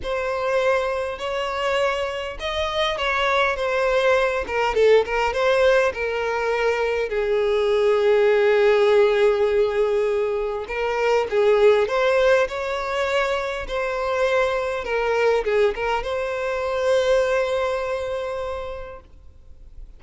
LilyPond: \new Staff \with { instrumentName = "violin" } { \time 4/4 \tempo 4 = 101 c''2 cis''2 | dis''4 cis''4 c''4. ais'8 | a'8 ais'8 c''4 ais'2 | gis'1~ |
gis'2 ais'4 gis'4 | c''4 cis''2 c''4~ | c''4 ais'4 gis'8 ais'8 c''4~ | c''1 | }